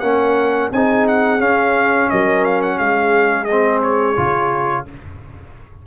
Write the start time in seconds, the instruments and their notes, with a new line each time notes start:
0.00 tuba A#3, trombone C#4, horn A#4, trumpet F#5
0.71 tuba C4, trombone D#4, horn G#4, trumpet G#5
1.08 trumpet F#5
1.39 tuba C#4, trombone C#4, trumpet F5
2.10 tuba F#3, horn A#4, trumpet D#5
2.44 trumpet F5
2.62 trumpet F#5
2.77 tuba G#3, horn G#4, trumpet F5
3.44 trumpet D#5
3.51 trombone C4
3.83 trumpet C#5
4.16 tuba C#3, trombone F4